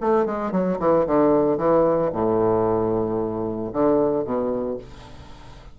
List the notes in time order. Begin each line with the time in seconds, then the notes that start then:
0.00 A3
0.25 G#3
0.51 F#3
0.79 E3
1.06 D3
1.57 E3
2.12 A2
3.72 D3
4.24 B2